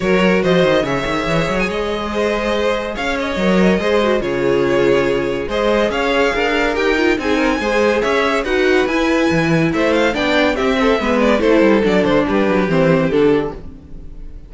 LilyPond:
<<
  \new Staff \with { instrumentName = "violin" } { \time 4/4 \tempo 4 = 142 cis''4 dis''4 e''4.~ e''16 gis''16 | dis''2. f''8 dis''8~ | dis''2 cis''2~ | cis''4 dis''4 f''2 |
g''4 gis''2 e''4 | fis''4 gis''2 e''8 f''8 | g''4 e''4. d''8 c''4 | d''8 c''8 b'4 c''4 a'4 | }
  \new Staff \with { instrumentName = "violin" } { \time 4/4 ais'4 c''4 cis''2~ | cis''4 c''2 cis''4~ | cis''4 c''4 gis'2~ | gis'4 c''4 cis''4 ais'4~ |
ais'4 gis'8 ais'8 c''4 cis''4 | b'2. c''4 | d''4 g'8 a'8 b'4 a'4~ | a'4 g'2. | }
  \new Staff \with { instrumentName = "viola" } { \time 4/4 fis'2 gis'2~ | gis'1 | ais'4 gis'8 fis'8 f'2~ | f'4 gis'2. |
g'8 f'8 dis'4 gis'2 | fis'4 e'2. | d'4 c'4 b4 e'4 | d'2 c'4 d'4 | }
  \new Staff \with { instrumentName = "cello" } { \time 4/4 fis4 f8 dis8 cis8 dis8 e8 fis8 | gis2. cis'4 | fis4 gis4 cis2~ | cis4 gis4 cis'4 d'4 |
dis'4 c'4 gis4 cis'4 | dis'4 e'4 e4 a4 | b4 c'4 gis4 a8 g8 | fis8 d8 g8 fis8 e4 d4 | }
>>